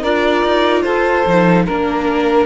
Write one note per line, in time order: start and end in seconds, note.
0.00 0.44 D4
0.00 1.26 F4
0.00 0.81 A#4
0.00 0.82 D5
0.44 0.84 D#4
0.82 1.25 F4
0.82 1.65 A4
0.82 1.63 C5
1.26 1.66 F3
1.26 1.67 D#4
1.66 2.45 A#3
1.66 2.45 D4
1.66 2.45 A#4